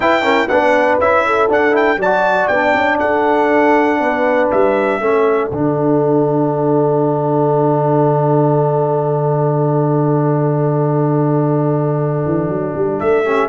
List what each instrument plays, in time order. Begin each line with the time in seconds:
0.00 trombone E4, tuba E4, horn B4, trumpet G5
0.22 trombone C#4, horn A#4
0.48 tuba B3, trombone D4, horn B4, trumpet F#5
0.99 tuba C#4, trombone E4, trumpet E5
1.26 horn A4
1.49 trombone D4, tuba D4, trumpet F#5
1.70 trombone E4, trumpet G5
1.96 tuba F#3, horn D5, trumpet A5
2.05 trombone F#4
2.47 tuba B3, trombone D4, trumpet G5
2.75 tuba C#4
2.99 tuba D4, horn A4, trumpet F#5
3.99 tuba B3, horn B4
4.50 tuba G3, trumpet E5
5.00 tuba A3, trombone C#4, horn A4
5.49 tuba D3, trombone D4, trumpet F#5
12.25 tuba E3
12.48 tuba F#3
12.75 tuba G3
12.99 tuba A3, trumpet E5
13.24 trombone C#4, horn G4